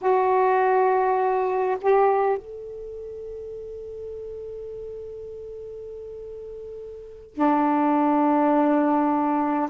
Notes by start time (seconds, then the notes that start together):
0.01 F#4
1.81 G4
2.37 A4
7.34 D4